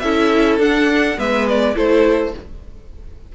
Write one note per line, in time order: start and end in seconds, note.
0.00 0.59 C#4
0.00 0.60 E4
0.00 1.18 A4
0.00 0.58 E5
0.59 1.17 D4
0.59 1.19 F#5
1.17 1.76 G#3
1.17 1.75 B3
1.17 1.75 B4
1.17 1.48 E5
1.48 1.77 D5
1.75 2.34 A3
1.75 2.32 E4
1.75 2.33 A4
1.75 2.35 C5